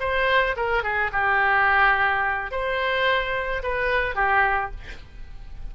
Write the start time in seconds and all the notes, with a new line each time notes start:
0.00 C5
0.56 A#4
0.83 G#4
1.13 G4
2.51 C5
3.63 B4
4.15 G4